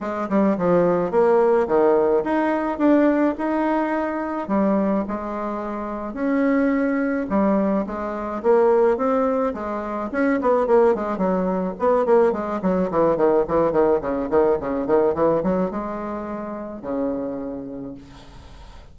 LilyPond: \new Staff \with { instrumentName = "bassoon" } { \time 4/4 \tempo 4 = 107 gis8 g8 f4 ais4 dis4 | dis'4 d'4 dis'2 | g4 gis2 cis'4~ | cis'4 g4 gis4 ais4 |
c'4 gis4 cis'8 b8 ais8 gis8 | fis4 b8 ais8 gis8 fis8 e8 dis8 | e8 dis8 cis8 dis8 cis8 dis8 e8 fis8 | gis2 cis2 | }